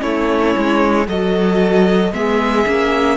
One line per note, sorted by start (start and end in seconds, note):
0.00 0.55 A3
0.00 1.05 C#4
0.00 1.08 E4
0.00 1.07 C#5
0.57 1.07 G#3
1.07 2.12 F#3
1.07 2.13 F#4
1.07 2.13 A4
1.07 2.14 D#5
2.13 2.66 G#3
2.13 2.66 B3
2.13 3.17 G#4
2.13 3.17 E5
2.67 3.17 A#3
2.67 3.17 C#4